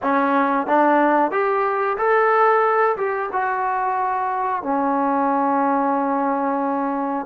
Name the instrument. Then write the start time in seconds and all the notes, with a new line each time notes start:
trombone
0.02 C#4
0.66 D4
1.31 G4
1.97 A4
2.96 G4
3.32 F#4
4.62 C#4